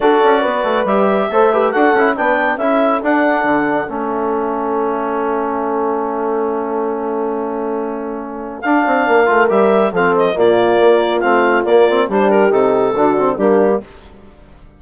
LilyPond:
<<
  \new Staff \with { instrumentName = "clarinet" } { \time 4/4 \tempo 4 = 139 d''2 e''2 | fis''4 g''4 e''4 fis''4~ | fis''4 e''2.~ | e''1~ |
e''1 | f''2 e''4 f''8 dis''8 | d''2 f''4 d''4 | c''8 ais'8 a'2 g'4 | }
  \new Staff \with { instrumentName = "horn" } { \time 4/4 a'4 b'2 c''8 b'8 | a'4 b'4 a'2~ | a'1~ | a'1~ |
a'1~ | a'4 ais'2 a'4 | f'1 | g'2 fis'4 d'4 | }
  \new Staff \with { instrumentName = "trombone" } { \time 4/4 fis'2 g'4 a'8 g'8 | fis'8 e'8 d'4 e'4 d'4~ | d'4 cis'2.~ | cis'1~ |
cis'1 | d'4. f'8 g'4 c'4 | ais2 c'4 ais8 c'8 | d'4 dis'4 d'8 c'8 ais4 | }
  \new Staff \with { instrumentName = "bassoon" } { \time 4/4 d'8 cis'8 b8 a8 g4 a4 | d'8 cis'8 b4 cis'4 d'4 | d4 a2.~ | a1~ |
a1 | d'8 c'8 ais8 a8 g4 f4 | ais,4 ais4 a4 ais4 | g4 c4 d4 g4 | }
>>